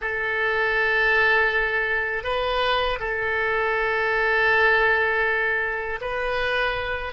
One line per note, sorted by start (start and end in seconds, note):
0.01 2.23 A4
2.23 2.98 B4
2.99 5.99 A4
6.01 7.12 B4